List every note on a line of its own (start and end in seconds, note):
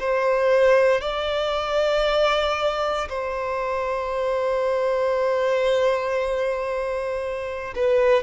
0.00 1.01 C5
1.01 3.08 D5
3.09 7.74 C5
7.75 8.23 B4